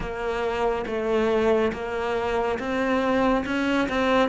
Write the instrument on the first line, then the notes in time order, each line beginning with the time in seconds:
cello
0.00 A#3
0.86 A3
1.72 A#3
2.59 C4
3.45 C#4
3.88 C4